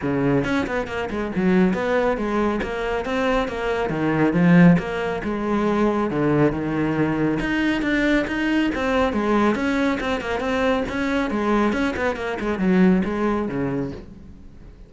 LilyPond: \new Staff \with { instrumentName = "cello" } { \time 4/4 \tempo 4 = 138 cis4 cis'8 b8 ais8 gis8 fis4 | b4 gis4 ais4 c'4 | ais4 dis4 f4 ais4 | gis2 d4 dis4~ |
dis4 dis'4 d'4 dis'4 | c'4 gis4 cis'4 c'8 ais8 | c'4 cis'4 gis4 cis'8 b8 | ais8 gis8 fis4 gis4 cis4 | }